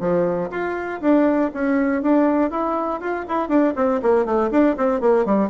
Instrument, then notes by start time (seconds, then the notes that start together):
bassoon
0.00 F3
0.51 F4
1.01 D4
1.54 C#4
2.02 D4
2.51 E4
3.01 F4
3.28 E4
3.49 D4
3.76 C4
4.02 A#3
4.25 A3
4.51 D4
4.77 C4
5.01 A#3
5.26 G3